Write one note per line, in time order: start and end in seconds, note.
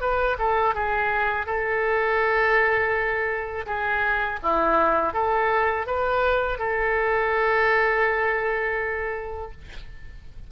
0.00 0.37 B4
0.38 0.75 A4
0.75 1.46 G#4
1.46 3.66 A4
3.66 4.39 G#4
4.42 5.13 E4
5.13 5.86 A4
5.86 6.58 B4
6.58 9.51 A4